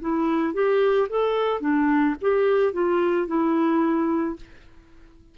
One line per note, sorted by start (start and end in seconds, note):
0.00 0.53 E4
0.53 1.08 G4
1.09 1.60 A4
1.60 2.15 D4
2.21 2.73 G4
2.73 3.27 F4
3.27 4.36 E4